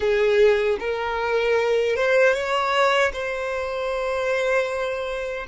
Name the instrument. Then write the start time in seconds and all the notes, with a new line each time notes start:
violin
0.00 G#4
0.79 A#4
1.96 C5
2.34 C#5
3.12 C5